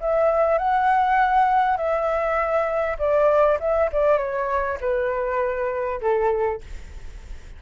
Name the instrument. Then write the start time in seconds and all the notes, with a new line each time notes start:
flute
0.00 E5
0.58 F#5
1.77 E5
2.98 D5
3.59 E5
3.92 D5
4.18 C#5
4.81 B4
6.01 A4